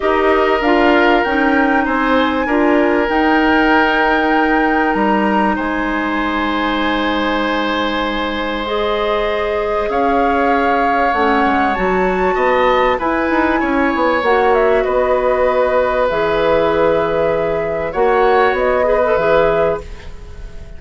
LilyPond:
<<
  \new Staff \with { instrumentName = "flute" } { \time 4/4 \tempo 4 = 97 dis''4 f''4 g''4 gis''4~ | gis''4 g''2. | ais''4 gis''2.~ | gis''2 dis''2 |
f''2 fis''4 a''4~ | a''4 gis''2 fis''8 e''8 | dis''2 e''2~ | e''4 fis''4 dis''4 e''4 | }
  \new Staff \with { instrumentName = "oboe" } { \time 4/4 ais'2. c''4 | ais'1~ | ais'4 c''2.~ | c''1 |
cis''1 | dis''4 b'4 cis''2 | b'1~ | b'4 cis''4. b'4. | }
  \new Staff \with { instrumentName = "clarinet" } { \time 4/4 g'4 f'4 dis'2 | f'4 dis'2.~ | dis'1~ | dis'2 gis'2~ |
gis'2 cis'4 fis'4~ | fis'4 e'2 fis'4~ | fis'2 gis'2~ | gis'4 fis'4. gis'16 a'16 gis'4 | }
  \new Staff \with { instrumentName = "bassoon" } { \time 4/4 dis'4 d'4 cis'4 c'4 | d'4 dis'2. | g4 gis2.~ | gis1 |
cis'2 a8 gis8 fis4 | b4 e'8 dis'8 cis'8 b8 ais4 | b2 e2~ | e4 ais4 b4 e4 | }
>>